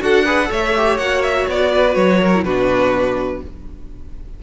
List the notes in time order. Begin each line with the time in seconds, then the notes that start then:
0.00 D4 F#4 A4 F#5
0.24 G#4 B4
0.45 A3 A4 C#5
0.52 E5
0.76 G4
0.98 A#3 F#4 F#5
1.22 E5
1.47 B3 D5
1.71 B4
1.95 F#3 C#5
2.20 A#4
2.35 E4
2.43 B2 D4 F#4 B4